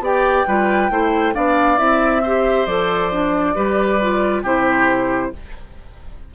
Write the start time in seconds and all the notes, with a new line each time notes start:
0.00 B3 G4 D5 G5
0.47 G3 F4 B4
0.90 A3 E4 C5
1.34 B3 D4 D5 F5
1.77 C4 E4 E5
2.23 G4 C5
2.66 F3 A4 D5
3.12 D4
3.55 G3 G4 B4
4.01 F4
4.43 C3 E4 G4 C5